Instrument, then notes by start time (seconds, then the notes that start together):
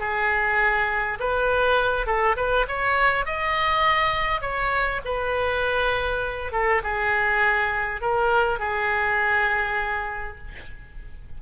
oboe
0.00 G#4
1.20 B4
2.07 A4
2.37 B4
2.68 C#5
3.26 D#5
4.42 C#5
5.05 B4
6.53 A4
6.84 G#4
8.02 A#4
8.60 G#4